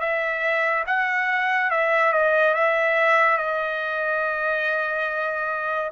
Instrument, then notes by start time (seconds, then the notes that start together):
trumpet
0.00 E5
0.87 F#5
1.71 E5
2.13 D#5
2.55 E5
3.38 D#5